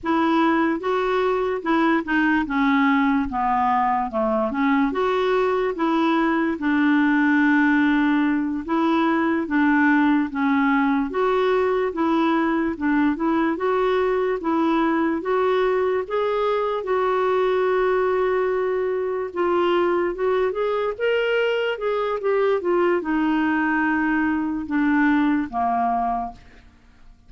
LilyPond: \new Staff \with { instrumentName = "clarinet" } { \time 4/4 \tempo 4 = 73 e'4 fis'4 e'8 dis'8 cis'4 | b4 a8 cis'8 fis'4 e'4 | d'2~ d'8 e'4 d'8~ | d'8 cis'4 fis'4 e'4 d'8 |
e'8 fis'4 e'4 fis'4 gis'8~ | gis'8 fis'2. f'8~ | f'8 fis'8 gis'8 ais'4 gis'8 g'8 f'8 | dis'2 d'4 ais4 | }